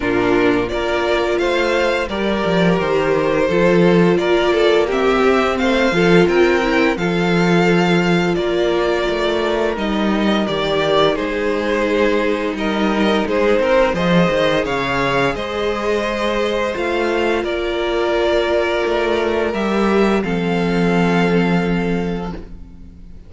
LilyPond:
<<
  \new Staff \with { instrumentName = "violin" } { \time 4/4 \tempo 4 = 86 ais'4 d''4 f''4 d''4 | c''2 d''4 e''4 | f''4 g''4 f''2 | d''2 dis''4 d''4 |
c''2 dis''4 c''4 | dis''4 f''4 dis''2 | f''4 d''2. | e''4 f''2. | }
  \new Staff \with { instrumentName = "violin" } { \time 4/4 f'4 ais'4 c''4 ais'4~ | ais'4 a'4 ais'8 a'8 g'4 | c''8 a'8 ais'4 a'2 | ais'1 |
gis'2 ais'4 gis'8 ais'8 | c''4 cis''4 c''2~ | c''4 ais'2.~ | ais'4 a'2. | }
  \new Staff \with { instrumentName = "viola" } { \time 4/4 d'4 f'2 g'4~ | g'4 f'2 c'4~ | c'8 f'4 e'8 f'2~ | f'2 dis'4 g'4 |
dis'1 | gis'1 | f'1 | g'4 c'2. | }
  \new Staff \with { instrumentName = "cello" } { \time 4/4 ais,4 ais4 a4 g8 f8 | dis4 f4 ais4. c'8 | a8 f8 c'4 f2 | ais4 a4 g4 dis4 |
gis2 g4 gis8 c'8 | f8 dis8 cis4 gis2 | a4 ais2 a4 | g4 f2. | }
>>